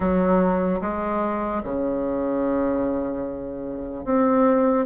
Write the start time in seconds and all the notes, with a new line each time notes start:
0.00 F#3
0.81 G#3
1.63 C#3
4.05 C4